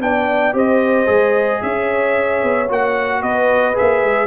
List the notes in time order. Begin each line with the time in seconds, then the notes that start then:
0.00 B3 D4 D5 G5
0.53 C4 G4 C5 D#5
1.06 G#3 G#4
1.62 C#4 C#5 E5
2.43 B3
2.68 A#3 F#4 F#5
3.21 B3 B4 D#5
3.74 A#3 G#4 E5
4.03 G#3